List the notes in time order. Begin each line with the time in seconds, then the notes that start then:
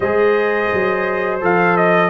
0.00 G#3 G#4 C5 D#5
0.73 F#3
1.40 F3 A4 F5
1.76 D#5